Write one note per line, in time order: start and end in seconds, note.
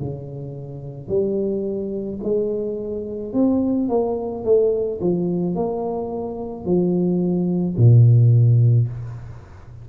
0.00 1.09 C#3
1.09 2.20 G3
2.24 3.34 G#3
3.34 3.89 C4
3.89 4.44 A#3
4.45 5.01 A3
5.01 5.56 F3
5.56 6.66 A#3
6.66 7.77 F3
7.77 8.88 A#2